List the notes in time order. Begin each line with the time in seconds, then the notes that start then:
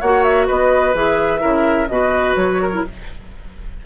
0.00 A#3 F#4 C#5 F#5
0.23 E5
0.46 B3 B4 D#5
0.94 E3 G#4 E5
1.39 C#3 E4 A#4
1.88 B2 F#4 B4 D#5
2.36 F#3 C#5
2.62 A#4
2.72 E4